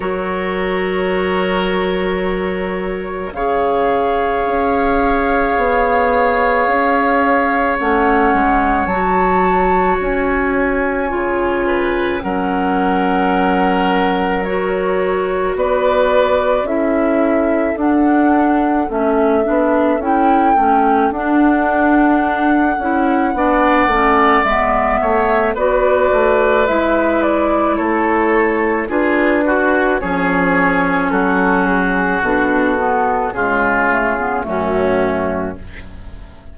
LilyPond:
<<
  \new Staff \with { instrumentName = "flute" } { \time 4/4 \tempo 4 = 54 cis''2. f''4~ | f''2. fis''4 | a''4 gis''2 fis''4~ | fis''4 cis''4 d''4 e''4 |
fis''4 e''4 g''4 fis''4~ | fis''2 e''4 d''4 | e''8 d''8 cis''4 b'4 cis''4 | a'8 gis'8 a'4 gis'4 fis'4 | }
  \new Staff \with { instrumentName = "oboe" } { \time 4/4 ais'2. cis''4~ | cis''1~ | cis''2~ cis''8 b'8 ais'4~ | ais'2 b'4 a'4~ |
a'1~ | a'4 d''4. cis''8 b'4~ | b'4 a'4 gis'8 fis'8 gis'4 | fis'2 f'4 cis'4 | }
  \new Staff \with { instrumentName = "clarinet" } { \time 4/4 fis'2. gis'4~ | gis'2. cis'4 | fis'2 f'4 cis'4~ | cis'4 fis'2 e'4 |
d'4 cis'8 d'8 e'8 cis'8 d'4~ | d'8 e'8 d'8 cis'8 b4 fis'4 | e'2 f'8 fis'8 cis'4~ | cis'4 d'8 b8 gis8 a16 b16 a4 | }
  \new Staff \with { instrumentName = "bassoon" } { \time 4/4 fis2. cis4 | cis'4 b4 cis'4 a8 gis8 | fis4 cis'4 cis4 fis4~ | fis2 b4 cis'4 |
d'4 a8 b8 cis'8 a8 d'4~ | d'8 cis'8 b8 a8 gis8 a8 b8 a8 | gis4 a4 d'4 f4 | fis4 b,4 cis4 fis,4 | }
>>